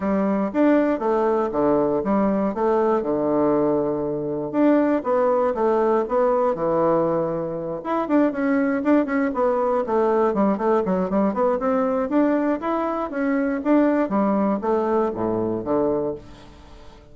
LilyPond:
\new Staff \with { instrumentName = "bassoon" } { \time 4/4 \tempo 4 = 119 g4 d'4 a4 d4 | g4 a4 d2~ | d4 d'4 b4 a4 | b4 e2~ e8 e'8 |
d'8 cis'4 d'8 cis'8 b4 a8~ | a8 g8 a8 fis8 g8 b8 c'4 | d'4 e'4 cis'4 d'4 | g4 a4 a,4 d4 | }